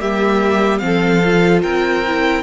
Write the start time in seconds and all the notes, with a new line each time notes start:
0.00 G3 A#3 G4 E5
0.79 F3 C4 F5
0.86 A4
1.25 F4
1.63 C4 A#4 G5
2.07 E4